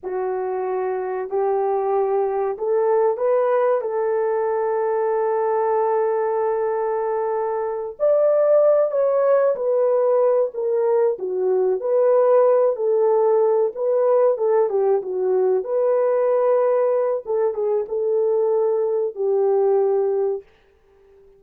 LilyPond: \new Staff \with { instrumentName = "horn" } { \time 4/4 \tempo 4 = 94 fis'2 g'2 | a'4 b'4 a'2~ | a'1~ | a'8 d''4. cis''4 b'4~ |
b'8 ais'4 fis'4 b'4. | a'4. b'4 a'8 g'8 fis'8~ | fis'8 b'2~ b'8 a'8 gis'8 | a'2 g'2 | }